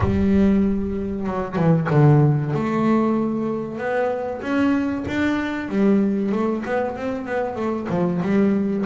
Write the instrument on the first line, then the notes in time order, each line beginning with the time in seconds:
double bass
0.00 G3
1.26 F#3
1.56 E3
1.90 D3
2.53 A3
3.78 B3
4.41 C#4
5.07 D4
5.68 G3
6.32 A3
6.65 B3
6.96 C4
7.26 B3
7.55 A3
7.89 F3
8.21 G3